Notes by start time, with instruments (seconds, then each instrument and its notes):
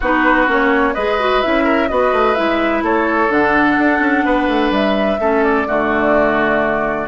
0.00 bassoon B3, clarinet D#4, oboe F#4, flute B4
0.47 bassoon A#3, clarinet C#4, flute C#5
0.94 bassoon G#3, clarinet G#4, oboe B4, flute D#5
1.19 clarinet F#4
1.41 bassoon C#4, clarinet E4, flute E5
1.64 oboe A#4
1.88 bassoon B3, clarinet F#4, oboe B4, flute D#5
2.12 bassoon A3
2.34 bassoon G#3, clarinet E4, flute E5
2.82 bassoon A3, oboe A4, flute C#5
3.29 bassoon D3, clarinet D4, flute F#5
3.78 bassoon D4
3.99 bassoon C#4
4.24 bassoon B3, oboe B4
4.47 bassoon A3
4.70 bassoon G3, flute E5
5.19 bassoon A3, clarinet C#4, oboe A4
5.43 flute D5
5.66 bassoon D3, clarinet A3, oboe F#4